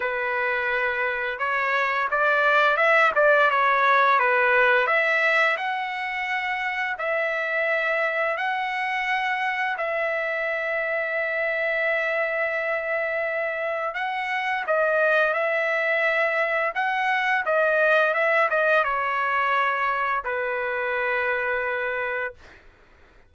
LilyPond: \new Staff \with { instrumentName = "trumpet" } { \time 4/4 \tempo 4 = 86 b'2 cis''4 d''4 | e''8 d''8 cis''4 b'4 e''4 | fis''2 e''2 | fis''2 e''2~ |
e''1 | fis''4 dis''4 e''2 | fis''4 dis''4 e''8 dis''8 cis''4~ | cis''4 b'2. | }